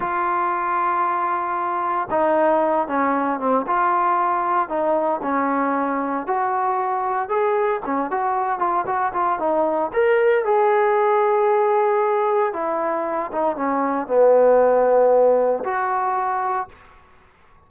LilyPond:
\new Staff \with { instrumentName = "trombone" } { \time 4/4 \tempo 4 = 115 f'1 | dis'4. cis'4 c'8 f'4~ | f'4 dis'4 cis'2 | fis'2 gis'4 cis'8 fis'8~ |
fis'8 f'8 fis'8 f'8 dis'4 ais'4 | gis'1 | e'4. dis'8 cis'4 b4~ | b2 fis'2 | }